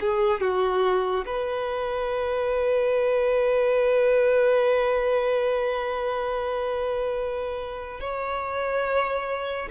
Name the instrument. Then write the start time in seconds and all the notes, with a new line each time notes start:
violin
0.00 G#4
0.41 F#4
1.26 B4
8.00 C#5